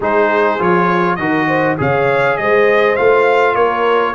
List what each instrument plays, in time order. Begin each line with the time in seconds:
0.00 tuba G#3, trombone D#4, horn G#4, trumpet C5
0.59 tuba F3, trombone F4, trumpet C#5
1.16 tuba D#3, trombone F#4, horn A#4, trumpet D#5
1.47 horn C5
1.77 tuba C#3, trombone G#4, horn C#5, trumpet F5
2.37 tuba G#3, horn C5, trumpet D#5
2.96 tuba A3, trombone F4, trumpet F5
3.55 tuba A#3, horn A#4, trumpet C#5